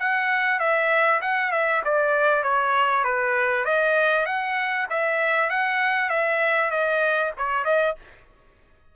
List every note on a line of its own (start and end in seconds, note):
0.00 0.60 F#5
0.60 1.21 E5
1.22 1.52 F#5
1.52 1.83 E5
1.85 2.44 D5
2.44 3.05 C#5
3.05 3.65 B4
3.65 4.26 D#5
4.26 4.88 F#5
4.90 5.50 E5
5.50 6.10 F#5
6.10 6.71 E5
6.71 7.32 D#5
7.38 7.65 C#5
7.65 7.96 D#5